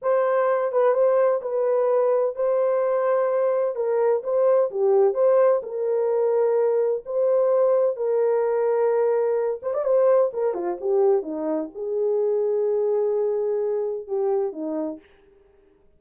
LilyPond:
\new Staff \with { instrumentName = "horn" } { \time 4/4 \tempo 4 = 128 c''4. b'8 c''4 b'4~ | b'4 c''2. | ais'4 c''4 g'4 c''4 | ais'2. c''4~ |
c''4 ais'2.~ | ais'8 c''16 d''16 c''4 ais'8 f'8 g'4 | dis'4 gis'2.~ | gis'2 g'4 dis'4 | }